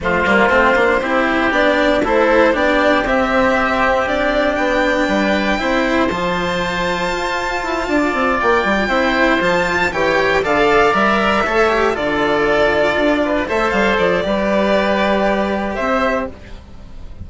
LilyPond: <<
  \new Staff \with { instrumentName = "violin" } { \time 4/4 \tempo 4 = 118 c''2. d''4 | c''4 d''4 e''2 | d''4 g''2. | a''1~ |
a''8 g''2 a''4 g''8~ | g''8 f''4 e''2 d''8~ | d''2~ d''8 e''8 f''8 d''8~ | d''2. e''4 | }
  \new Staff \with { instrumentName = "oboe" } { \time 4/4 f'2 g'2 | a'4 g'2.~ | g'2 b'4 c''4~ | c''2.~ c''8 d''8~ |
d''4. c''2 cis''8~ | cis''8 d''2 cis''4 a'8~ | a'2 b'8 c''4. | b'2. c''4 | }
  \new Staff \with { instrumentName = "cello" } { \time 4/4 a8 ais8 c'8 d'8 e'4 d'4 | e'4 d'4 c'2 | d'2. e'4 | f'1~ |
f'4. e'4 f'4 g'8~ | g'8 a'4 ais'4 a'8 g'8 f'8~ | f'2~ f'8 a'4. | g'1 | }
  \new Staff \with { instrumentName = "bassoon" } { \time 4/4 f8 g8 a8 ais8 c'4 b4 | a4 b4 c'2~ | c'4 b4 g4 c'4 | f2 f'4 e'8 d'8 |
c'8 ais8 g8 c'4 f4 e8~ | e8 d4 g4 a4 d8~ | d4. d'4 a8 g8 f8 | g2. c'4 | }
>>